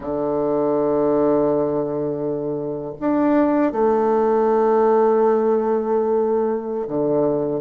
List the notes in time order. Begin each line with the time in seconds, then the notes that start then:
0.00 D3
3.00 D4
3.72 A3
6.87 D3